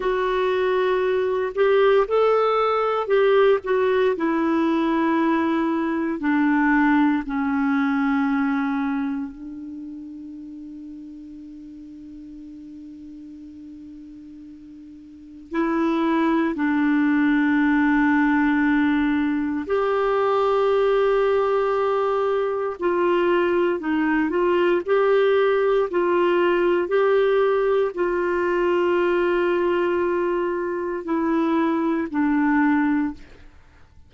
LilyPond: \new Staff \with { instrumentName = "clarinet" } { \time 4/4 \tempo 4 = 58 fis'4. g'8 a'4 g'8 fis'8 | e'2 d'4 cis'4~ | cis'4 d'2.~ | d'2. e'4 |
d'2. g'4~ | g'2 f'4 dis'8 f'8 | g'4 f'4 g'4 f'4~ | f'2 e'4 d'4 | }